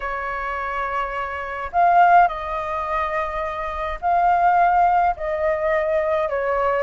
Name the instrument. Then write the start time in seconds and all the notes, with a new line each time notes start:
flute
0.00 C#5
1.72 F5
2.28 D#5
4.01 F5
5.16 D#5
6.29 C#5